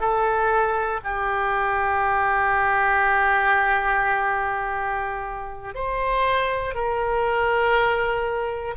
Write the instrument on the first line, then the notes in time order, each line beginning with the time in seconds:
oboe
0.00 A4
1.03 G4
5.75 C5
6.75 A#4